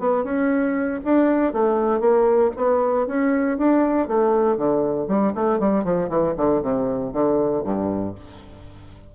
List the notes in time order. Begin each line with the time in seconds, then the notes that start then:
0.00 B3
0.24 C#4
1.05 D4
1.54 A3
2.01 A#3
2.57 B3
3.07 C#4
3.58 D4
4.08 A3
4.57 D3
5.08 G3
5.36 A3
5.60 G3
5.85 F3
6.09 E3
6.37 D3
6.63 C3
7.13 D3
7.65 G2